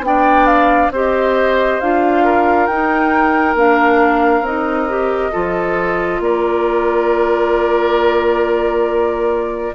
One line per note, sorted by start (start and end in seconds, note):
0.00 0.88 B3
0.00 0.93 D4
0.00 0.46 G5
0.06 0.92 D5
0.46 0.90 F5
0.91 1.79 C4
0.91 1.82 G4
0.91 2.24 C5
0.91 1.80 D#5
1.80 2.68 D4
1.80 2.70 F4
1.80 2.67 F5
2.24 5.32 A#4
2.67 3.55 D#4
2.67 3.56 D#4
2.67 3.55 G5
3.55 4.41 A#3
3.55 4.44 D4
3.55 4.46 F5
4.41 5.29 C4
4.41 4.88 D#4
4.41 6.22 D#5
4.88 5.32 G4
5.32 6.20 F3
5.32 9.73 F4
5.32 6.20 A4
6.20 9.73 A#3
6.20 9.75 A#4
6.20 9.75 D5